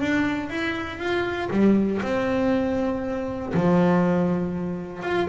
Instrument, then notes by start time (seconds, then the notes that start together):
double bass
0.00 D4
0.50 E4
0.98 F4
1.50 G3
2.02 C4
3.54 F3
5.03 F4